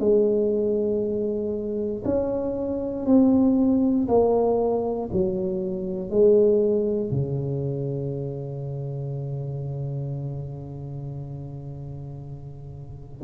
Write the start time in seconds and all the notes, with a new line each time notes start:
0.00 G#3
2.05 C#4
3.06 C4
4.08 A#3
5.13 F#3
6.10 G#3
7.11 C#3